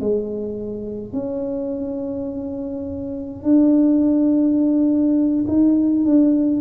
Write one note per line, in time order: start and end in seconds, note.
0.00 1.13 G#3
1.13 3.43 C#4
3.43 5.45 D4
5.47 6.05 D#4
6.05 6.61 D4